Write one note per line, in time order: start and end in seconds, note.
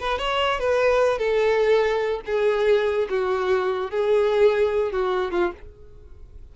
0.00 0.18 B4
0.18 0.59 C#5
0.59 1.18 B4
1.18 2.21 A4
2.26 3.08 G#4
3.09 3.90 F#4
3.90 4.92 G#4
4.92 5.31 F#4
5.31 5.52 F4